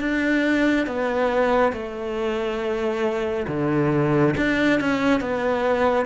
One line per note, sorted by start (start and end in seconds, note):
0.00 0.87 D4
0.87 1.73 B3
1.73 3.47 A3
3.48 4.35 D3
4.38 4.81 D4
4.81 5.21 C#4
5.21 6.06 B3